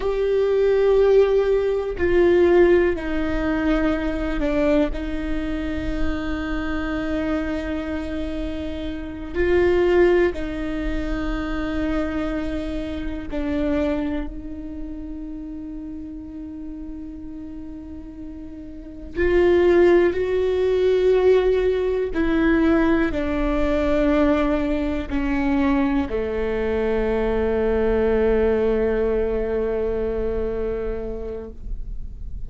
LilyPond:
\new Staff \with { instrumentName = "viola" } { \time 4/4 \tempo 4 = 61 g'2 f'4 dis'4~ | dis'8 d'8 dis'2.~ | dis'4. f'4 dis'4.~ | dis'4. d'4 dis'4.~ |
dis'2.~ dis'8 f'8~ | f'8 fis'2 e'4 d'8~ | d'4. cis'4 a4.~ | a1 | }